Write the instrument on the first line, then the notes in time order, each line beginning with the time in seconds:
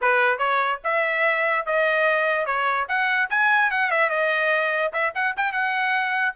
trumpet
0.01 B4
0.38 C#5
0.84 E5
1.66 D#5
2.46 C#5
2.88 F#5
3.30 G#5
3.70 F#5
3.90 E5
4.09 D#5
4.92 E5
5.15 F#5
5.36 G5
5.52 F#5